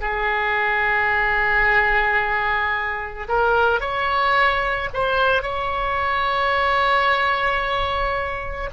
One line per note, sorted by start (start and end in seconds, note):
0.00 3.27 G#4
3.28 3.80 A#4
3.80 4.89 C#5
4.93 5.42 C5
5.42 8.70 C#5